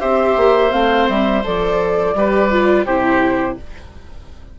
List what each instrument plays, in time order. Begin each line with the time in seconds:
0.00 bassoon C4, viola G4, oboe C5, flute E5
0.37 bassoon A#3
0.70 bassoon A3, viola C4, flute F5
1.08 bassoon G3, flute E5
1.44 bassoon F3, viola A4, flute D5
2.14 bassoon G3, viola G4, oboe B4
2.51 viola F4
2.86 bassoon C3, viola E4, oboe G4, flute C5